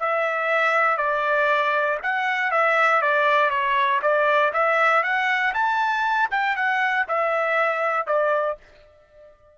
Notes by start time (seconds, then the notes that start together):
0.00 E5
0.97 D5
2.03 F#5
2.51 E5
3.02 D5
3.50 C#5
4.02 D5
4.54 E5
5.03 F#5
5.55 A5
6.31 G5
6.56 F#5
7.08 E5
8.07 D5